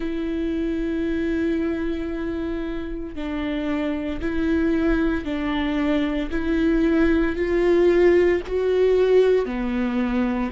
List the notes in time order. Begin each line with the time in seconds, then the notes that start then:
0.00 E4
3.15 D4
4.21 E4
5.24 D4
6.31 E4
7.35 F4
8.46 F#4
9.45 B3